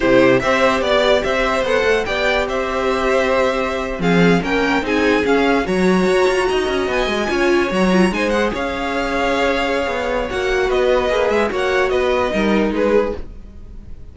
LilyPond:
<<
  \new Staff \with { instrumentName = "violin" } { \time 4/4 \tempo 4 = 146 c''4 e''4 d''4 e''4 | fis''4 g''4 e''2~ | e''4.~ e''16 f''4 g''4 gis''16~ | gis''8. f''4 ais''2~ ais''16~ |
ais''8. gis''2 ais''4 gis''16~ | gis''16 fis''8 f''2.~ f''16~ | f''4 fis''4 dis''4. e''8 | fis''4 dis''2 b'4 | }
  \new Staff \with { instrumentName = "violin" } { \time 4/4 g'4 c''4 d''4 c''4~ | c''4 d''4 c''2~ | c''4.~ c''16 gis'4 ais'4 gis'16~ | gis'4.~ gis'16 cis''2 dis''16~ |
dis''4.~ dis''16 cis''2 c''16~ | c''8. cis''2.~ cis''16~ | cis''2 b'2 | cis''4 b'4 ais'4 gis'4 | }
  \new Staff \with { instrumentName = "viola" } { \time 4/4 e'4 g'2. | a'4 g'2.~ | g'4.~ g'16 c'4 cis'4 dis'16~ | dis'8. cis'4 fis'2~ fis'16~ |
fis'4.~ fis'16 f'4 fis'8 f'8 dis'16~ | dis'16 gis'2.~ gis'8.~ | gis'4 fis'2 gis'4 | fis'2 dis'2 | }
  \new Staff \with { instrumentName = "cello" } { \time 4/4 c4 c'4 b4 c'4 | b8 a8 b4 c'2~ | c'4.~ c'16 f4 ais4 c'16~ | c'8. cis'4 fis4 fis'8 f'8 dis'16~ |
dis'16 cis'8 b8 gis8 cis'4 fis4 gis16~ | gis8. cis'2.~ cis'16 | b4 ais4 b4 ais8 gis8 | ais4 b4 g4 gis4 | }
>>